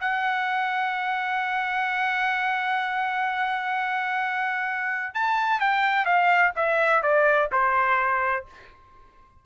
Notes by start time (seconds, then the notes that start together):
0.00 F#5
5.14 A5
5.60 G5
6.05 F5
6.56 E5
7.02 D5
7.51 C5